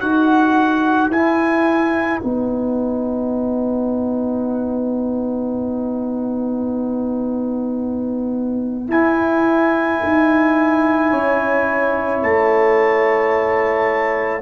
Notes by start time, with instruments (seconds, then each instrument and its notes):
0.00 tuba D#4, trombone F#4, horn B4, trumpet F#5
1.09 tuba E4, trombone E4, trumpet G#5
2.20 tuba B3, trombone D#4, trumpet F#5
8.88 trombone E4, tuba E4, trumpet G#5
10.03 tuba D#4
11.11 tuba C#4, horn C#5
12.23 tuba A3, trumpet A5